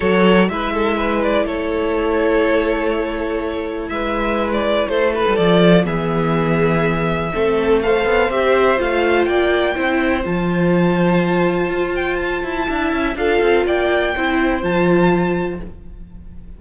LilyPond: <<
  \new Staff \with { instrumentName = "violin" } { \time 4/4 \tempo 4 = 123 cis''4 e''4. d''8 cis''4~ | cis''1 | e''4~ e''16 d''8. c''8 b'8 d''4 | e''1 |
f''4 e''4 f''4 g''4~ | g''4 a''2.~ | a''8 g''8 a''2 f''4 | g''2 a''2 | }
  \new Staff \with { instrumentName = "violin" } { \time 4/4 a'4 b'8 a'8 b'4 a'4~ | a'1 | b'2 a'2 | gis'2. a'4 |
c''2. d''4 | c''1~ | c''2 e''4 a'4 | d''4 c''2. | }
  \new Staff \with { instrumentName = "viola" } { \time 4/4 fis'4 e'2.~ | e'1~ | e'2. f'4 | b2. c'4 |
a'4 g'4 f'2 | e'4 f'2.~ | f'2 e'4 f'4~ | f'4 e'4 f'2 | }
  \new Staff \with { instrumentName = "cello" } { \time 4/4 fis4 gis2 a4~ | a1 | gis2 a8. g16 f4 | e2. a4~ |
a8 b8 c'4 a4 ais4 | c'4 f2. | f'4. e'8 d'8 cis'8 d'8 c'8 | ais4 c'4 f2 | }
>>